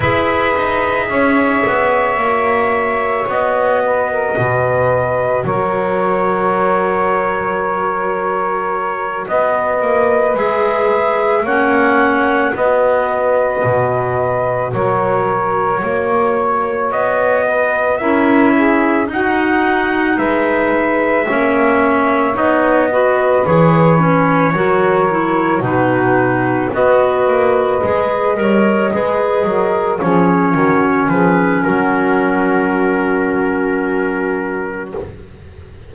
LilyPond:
<<
  \new Staff \with { instrumentName = "trumpet" } { \time 4/4 \tempo 4 = 55 e''2. dis''4~ | dis''4 cis''2.~ | cis''8 dis''4 e''4 fis''4 dis''8~ | dis''4. cis''2 dis''8~ |
dis''8 e''4 fis''4 e''4.~ | e''8 dis''4 cis''2 b'8~ | b'8 dis''2. cis''8~ | cis''8 b'8 ais'2. | }
  \new Staff \with { instrumentName = "saxophone" } { \time 4/4 b'4 cis''2~ cis''8 b'16 ais'16 | b'4 ais'2.~ | ais'8 b'2 cis''4 b'8~ | b'4. ais'4 cis''4. |
b'8 ais'8 gis'8 fis'4 b'4 cis''8~ | cis''4 b'4. ais'4 fis'8~ | fis'8 b'4. cis''8 b'8 ais'8 gis'8 | fis'8 gis'8 fis'2. | }
  \new Staff \with { instrumentName = "clarinet" } { \time 4/4 gis'2 fis'2~ | fis'1~ | fis'4. gis'4 cis'4 fis'8~ | fis'1~ |
fis'8 e'4 dis'2 cis'8~ | cis'8 dis'8 fis'8 gis'8 cis'8 fis'8 e'8 dis'8~ | dis'8 fis'4 gis'8 ais'8 gis'4 cis'8~ | cis'1 | }
  \new Staff \with { instrumentName = "double bass" } { \time 4/4 e'8 dis'8 cis'8 b8 ais4 b4 | b,4 fis2.~ | fis8 b8 ais8 gis4 ais4 b8~ | b8 b,4 fis4 ais4 b8~ |
b8 cis'4 dis'4 gis4 ais8~ | ais8 b4 e4 fis4 b,8~ | b,8 b8 ais8 gis8 g8 gis8 fis8 f8 | dis8 f8 fis2. | }
>>